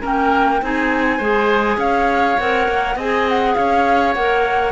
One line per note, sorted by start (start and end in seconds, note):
0.00 0.62 A#3
0.00 0.59 C#4
0.00 0.60 A#4
0.00 0.63 G5
0.62 1.19 C4
0.62 1.21 D#4
0.62 1.17 G#4
0.62 1.80 G#5
1.17 1.77 G#3
1.17 2.38 G#4
1.17 1.76 C5
1.77 2.36 C#4
1.77 2.96 C#5
1.77 2.38 F5
2.38 2.68 C4
2.38 2.99 A#4
2.38 2.97 F#5
2.68 2.95 A#3
2.95 3.54 C4
2.95 4.16 G#4
2.95 3.54 D#5
2.95 3.28 G#5
3.28 3.55 F#5
3.55 4.15 C#4
3.55 4.72 C#5
3.55 4.13 F5
4.14 4.72 A#3
4.14 4.72 A#4
4.14 4.72 F#5